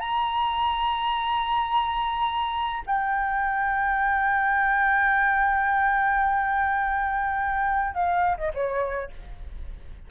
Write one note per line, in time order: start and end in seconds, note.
0.00 2.83 A#5
2.87 7.95 G5
7.95 8.37 F5
8.38 8.52 D#5
8.54 9.11 C#5